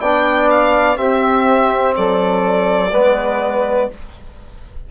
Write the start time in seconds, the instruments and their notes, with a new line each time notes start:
0.00 bassoon B3, trombone D4, flute D5, violin G5
0.50 violin F5
0.96 trombone C4, bassoon C4, flute G4, violin E5
1.95 bassoon F#3, flute A4, violin D5
2.92 bassoon G#3, trombone B3, flute B4